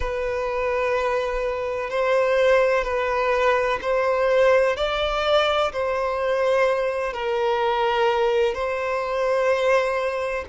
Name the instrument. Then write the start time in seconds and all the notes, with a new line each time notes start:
violin
0.00 B4
1.90 C5
2.84 B4
3.81 C5
4.76 D5
5.72 C5
7.13 A#4
8.54 C5